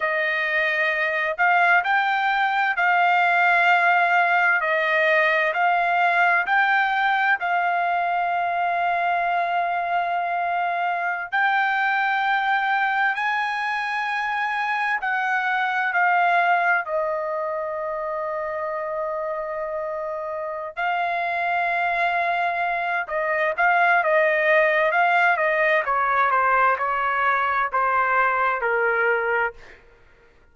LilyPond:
\new Staff \with { instrumentName = "trumpet" } { \time 4/4 \tempo 4 = 65 dis''4. f''8 g''4 f''4~ | f''4 dis''4 f''4 g''4 | f''1~ | f''16 g''2 gis''4.~ gis''16~ |
gis''16 fis''4 f''4 dis''4.~ dis''16~ | dis''2~ dis''8 f''4.~ | f''4 dis''8 f''8 dis''4 f''8 dis''8 | cis''8 c''8 cis''4 c''4 ais'4 | }